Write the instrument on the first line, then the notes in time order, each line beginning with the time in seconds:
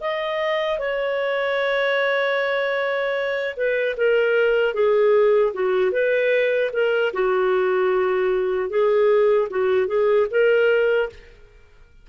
clarinet
0.00 D#5
0.78 C#5
3.56 B4
3.97 A#4
4.74 G#4
5.53 F#4
5.91 B4
6.72 A#4
7.13 F#4
8.69 G#4
9.50 F#4
9.87 G#4
10.30 A#4